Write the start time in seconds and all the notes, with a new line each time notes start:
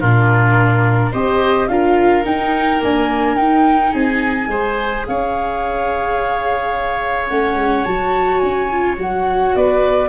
0.00 A#2 D4 F4 A#4
1.11 C4 G4 C5 D#5
1.68 D4 F4 A#4 F5
2.24 D#4 G5
2.80 A#3 D4 G#5
3.36 D#4 G5
3.92 C4 G#4 G#5
4.47 G#3 G#4 C5
5.07 C#4 C#5 F5
7.29 A3 C#4 F#5
7.55 G#3
7.84 F#3 F#4 A5
8.38 C#4 G#5
8.71 F4
8.96 F#3 F#4 F#5
9.55 B3 B4 D5